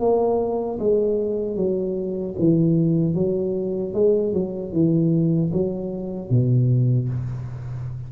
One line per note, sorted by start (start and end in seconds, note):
0.00 0.79 A#3
0.80 1.56 G#3
1.56 2.35 F#3
2.39 3.15 E3
3.15 3.94 F#3
3.94 4.33 G#3
4.33 4.73 F#3
4.73 5.52 E3
5.53 6.31 F#3
6.31 7.09 B2